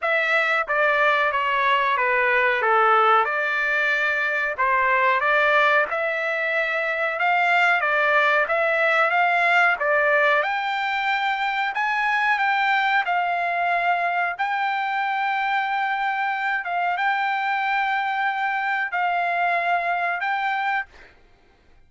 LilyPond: \new Staff \with { instrumentName = "trumpet" } { \time 4/4 \tempo 4 = 92 e''4 d''4 cis''4 b'4 | a'4 d''2 c''4 | d''4 e''2 f''4 | d''4 e''4 f''4 d''4 |
g''2 gis''4 g''4 | f''2 g''2~ | g''4. f''8 g''2~ | g''4 f''2 g''4 | }